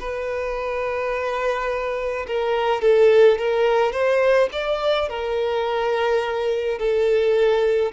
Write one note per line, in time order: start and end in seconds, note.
0.00 2.26 B4
2.27 2.81 A#4
2.81 3.38 A4
3.39 3.93 A#4
3.93 4.49 C5
4.52 5.09 D5
5.09 6.79 A#4
6.79 7.92 A4